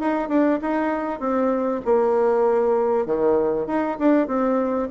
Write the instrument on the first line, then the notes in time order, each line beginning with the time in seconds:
bassoon
0.00 D#4
0.29 D4
0.62 D#4
1.20 C4
1.85 A#3
3.06 D#3
3.67 D#4
3.99 D4
4.27 C4